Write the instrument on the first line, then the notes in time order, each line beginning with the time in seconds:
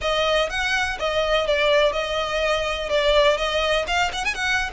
violin
0.01 D#5
0.49 F#5
0.99 D#5
1.46 D5
1.92 D#5
2.89 D5
3.37 D#5
3.87 F5
4.13 F#5
4.24 G#5
4.34 F#5